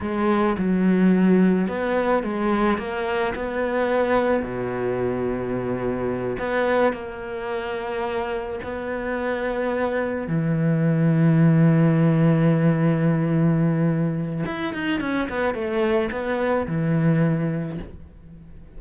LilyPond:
\new Staff \with { instrumentName = "cello" } { \time 4/4 \tempo 4 = 108 gis4 fis2 b4 | gis4 ais4 b2 | b,2.~ b,8 b8~ | b8 ais2. b8~ |
b2~ b8 e4.~ | e1~ | e2 e'8 dis'8 cis'8 b8 | a4 b4 e2 | }